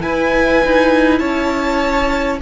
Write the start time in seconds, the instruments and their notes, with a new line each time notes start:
0.00 viola E4, cello E4, violin B4 G#5
0.65 cello D#4
1.19 cello C#4, violin C#5 A5